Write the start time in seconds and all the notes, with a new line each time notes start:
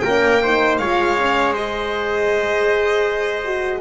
0.00 A#3 C#4 A#4 G5
0.43 D#4 C5
0.78 G#3 F4 C#5 F5
1.19 C#4
1.53 G#4 C5 D#5
3.45 F#4